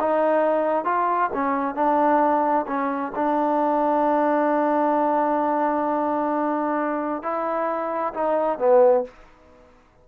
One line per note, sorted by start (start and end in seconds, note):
0.00 0.85 D#4
0.85 1.30 F4
1.34 1.75 C#4
1.75 2.66 D4
2.67 3.13 C#4
3.16 7.23 D4
7.23 8.14 E4
8.14 8.59 D#4
8.59 9.05 B3